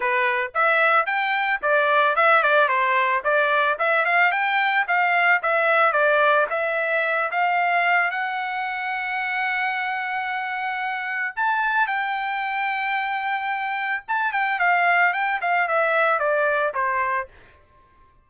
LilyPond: \new Staff \with { instrumentName = "trumpet" } { \time 4/4 \tempo 4 = 111 b'4 e''4 g''4 d''4 | e''8 d''8 c''4 d''4 e''8 f''8 | g''4 f''4 e''4 d''4 | e''4. f''4. fis''4~ |
fis''1~ | fis''4 a''4 g''2~ | g''2 a''8 g''8 f''4 | g''8 f''8 e''4 d''4 c''4 | }